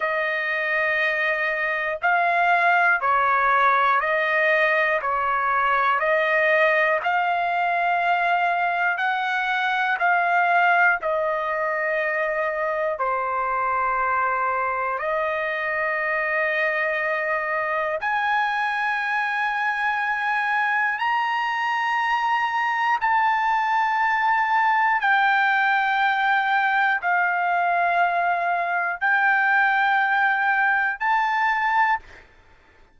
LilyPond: \new Staff \with { instrumentName = "trumpet" } { \time 4/4 \tempo 4 = 60 dis''2 f''4 cis''4 | dis''4 cis''4 dis''4 f''4~ | f''4 fis''4 f''4 dis''4~ | dis''4 c''2 dis''4~ |
dis''2 gis''2~ | gis''4 ais''2 a''4~ | a''4 g''2 f''4~ | f''4 g''2 a''4 | }